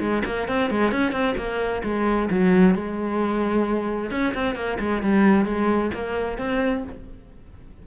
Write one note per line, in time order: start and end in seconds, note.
0.00 0.23 G#3
0.25 0.48 A#3
0.48 0.70 C4
0.70 0.92 G#3
0.92 1.12 C#4
1.12 1.35 C4
1.37 1.82 A#3
1.83 2.29 G#3
2.30 2.75 F#3
2.75 4.11 G#3
4.11 4.33 C#4
4.34 4.55 C4
4.55 4.78 A#3
4.80 5.02 G#3
5.02 5.45 G3
5.45 5.91 G#3
5.94 6.38 A#3
6.38 6.83 C4